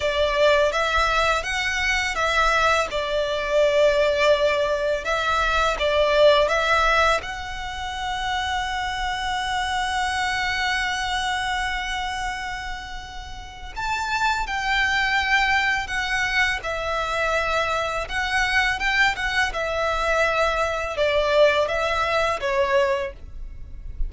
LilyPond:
\new Staff \with { instrumentName = "violin" } { \time 4/4 \tempo 4 = 83 d''4 e''4 fis''4 e''4 | d''2. e''4 | d''4 e''4 fis''2~ | fis''1~ |
fis''2. a''4 | g''2 fis''4 e''4~ | e''4 fis''4 g''8 fis''8 e''4~ | e''4 d''4 e''4 cis''4 | }